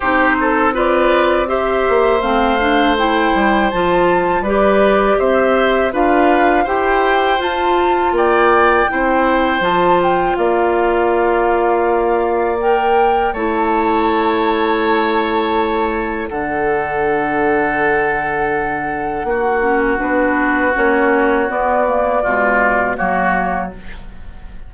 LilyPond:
<<
  \new Staff \with { instrumentName = "flute" } { \time 4/4 \tempo 4 = 81 c''4 d''4 e''4 f''4 | g''4 a''4 d''4 e''4 | f''4 g''4 a''4 g''4~ | g''4 a''8 g''8 f''2~ |
f''4 g''4 a''2~ | a''2 fis''2~ | fis''2. b'4 | cis''4 d''2 cis''4 | }
  \new Staff \with { instrumentName = "oboe" } { \time 4/4 g'8 a'8 b'4 c''2~ | c''2 b'4 c''4 | b'4 c''2 d''4 | c''2 d''2~ |
d''2 cis''2~ | cis''2 a'2~ | a'2 fis'2~ | fis'2 f'4 fis'4 | }
  \new Staff \with { instrumentName = "clarinet" } { \time 4/4 dis'4 f'4 g'4 c'8 d'8 | e'4 f'4 g'2 | f'4 g'4 f'2 | e'4 f'2.~ |
f'4 ais'4 e'2~ | e'2 d'2~ | d'2~ d'8 cis'8 d'4 | cis'4 b8 ais8 gis4 ais4 | }
  \new Staff \with { instrumentName = "bassoon" } { \time 4/4 c'2~ c'8 ais8 a4~ | a8 g8 f4 g4 c'4 | d'4 e'4 f'4 ais4 | c'4 f4 ais2~ |
ais2 a2~ | a2 d2~ | d2 ais4 b4 | ais4 b4 b,4 fis4 | }
>>